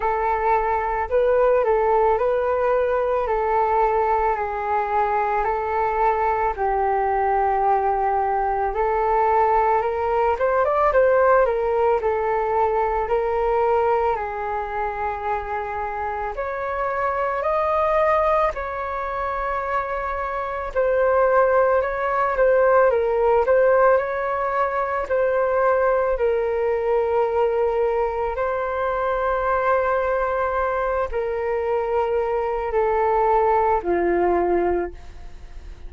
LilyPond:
\new Staff \with { instrumentName = "flute" } { \time 4/4 \tempo 4 = 55 a'4 b'8 a'8 b'4 a'4 | gis'4 a'4 g'2 | a'4 ais'8 c''16 d''16 c''8 ais'8 a'4 | ais'4 gis'2 cis''4 |
dis''4 cis''2 c''4 | cis''8 c''8 ais'8 c''8 cis''4 c''4 | ais'2 c''2~ | c''8 ais'4. a'4 f'4 | }